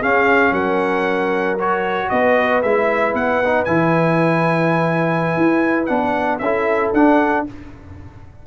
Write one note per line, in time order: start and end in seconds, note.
0.00 0.52 C#4
0.00 1.58 C#4
0.00 0.52 G#4
0.00 0.53 F5
0.52 2.08 F#3
0.52 2.09 A#4
0.52 1.58 F#5
1.59 2.63 F#4
1.59 2.09 C#5
2.09 2.64 B3
2.09 6.42 B4
2.09 2.62 D#5
2.62 3.14 G#3
2.62 3.44 E4
2.62 3.15 E5
3.14 3.66 B3
3.14 3.65 F#5
3.45 3.67 D#4
3.65 5.37 E3
3.65 5.88 E4
3.65 5.86 G#5
5.37 5.89 E4
5.86 6.40 B3
5.86 6.40 D4
5.86 6.38 F#5
6.39 6.92 C#4
6.39 7.47 A4
6.39 6.91 E5
6.45 6.95 E4
6.94 7.46 D4
6.94 7.47 D4
6.94 7.46 F#5